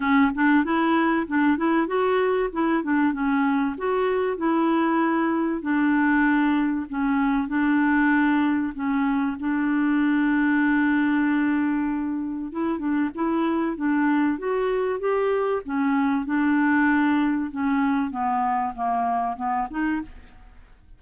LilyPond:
\new Staff \with { instrumentName = "clarinet" } { \time 4/4 \tempo 4 = 96 cis'8 d'8 e'4 d'8 e'8 fis'4 | e'8 d'8 cis'4 fis'4 e'4~ | e'4 d'2 cis'4 | d'2 cis'4 d'4~ |
d'1 | e'8 d'8 e'4 d'4 fis'4 | g'4 cis'4 d'2 | cis'4 b4 ais4 b8 dis'8 | }